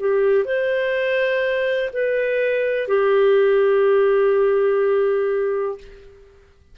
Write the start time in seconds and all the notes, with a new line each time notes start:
0.00 G4
0.45 C5
1.93 B4
2.88 G4